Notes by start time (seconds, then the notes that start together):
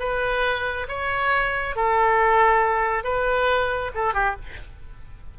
0.00 B4
0.89 C#5
1.76 A4
3.04 B4
3.95 A4
4.14 G4